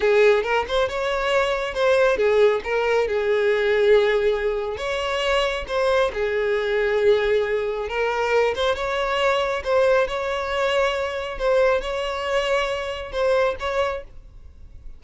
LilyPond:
\new Staff \with { instrumentName = "violin" } { \time 4/4 \tempo 4 = 137 gis'4 ais'8 c''8 cis''2 | c''4 gis'4 ais'4 gis'4~ | gis'2. cis''4~ | cis''4 c''4 gis'2~ |
gis'2 ais'4. c''8 | cis''2 c''4 cis''4~ | cis''2 c''4 cis''4~ | cis''2 c''4 cis''4 | }